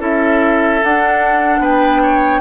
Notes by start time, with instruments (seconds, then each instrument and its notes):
0.00 bassoon C#4, clarinet E4, oboe A4, flute E5
0.84 bassoon D4, clarinet D4, flute F#5
1.59 bassoon B3, oboe B4, flute G5
2.03 oboe C#5